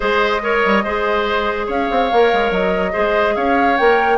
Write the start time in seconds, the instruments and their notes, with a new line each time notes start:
0.00 bassoon G#3, clarinet G#4, oboe C5, flute D#5
0.42 clarinet A#4, oboe C#5
0.65 bassoon G3
0.84 bassoon G#3, clarinet G#4, oboe C5
1.66 bassoon C#4, oboe C#5, flute F5
1.90 bassoon C4
2.12 bassoon A#3, clarinet A#4
2.32 bassoon G#3
2.51 bassoon F#3, flute D#5
2.92 bassoon G#3, clarinet G#4, oboe C5
3.35 bassoon C#4, oboe C#5, flute F5
3.77 bassoon A#3, clarinet A#4, flute G5